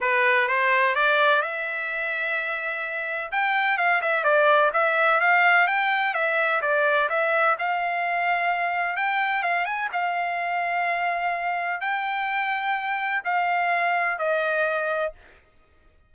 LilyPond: \new Staff \with { instrumentName = "trumpet" } { \time 4/4 \tempo 4 = 127 b'4 c''4 d''4 e''4~ | e''2. g''4 | f''8 e''8 d''4 e''4 f''4 | g''4 e''4 d''4 e''4 |
f''2. g''4 | f''8 gis''8 f''2.~ | f''4 g''2. | f''2 dis''2 | }